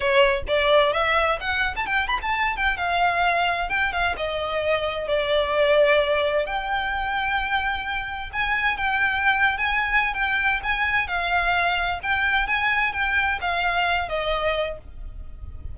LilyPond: \new Staff \with { instrumentName = "violin" } { \time 4/4 \tempo 4 = 130 cis''4 d''4 e''4 fis''8. a''16 | g''8 b''16 a''8. g''8 f''2 | g''8 f''8 dis''2 d''4~ | d''2 g''2~ |
g''2 gis''4 g''4~ | g''8. gis''4~ gis''16 g''4 gis''4 | f''2 g''4 gis''4 | g''4 f''4. dis''4. | }